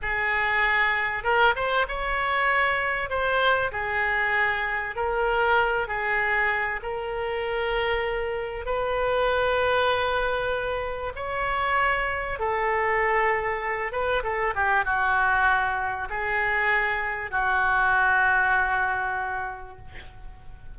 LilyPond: \new Staff \with { instrumentName = "oboe" } { \time 4/4 \tempo 4 = 97 gis'2 ais'8 c''8 cis''4~ | cis''4 c''4 gis'2 | ais'4. gis'4. ais'4~ | ais'2 b'2~ |
b'2 cis''2 | a'2~ a'8 b'8 a'8 g'8 | fis'2 gis'2 | fis'1 | }